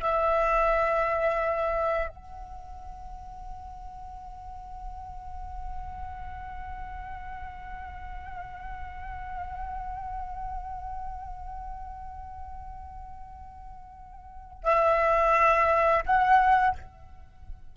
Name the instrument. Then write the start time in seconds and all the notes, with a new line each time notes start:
flute
0.00 E5
2.08 F#5
14.63 E5
16.06 F#5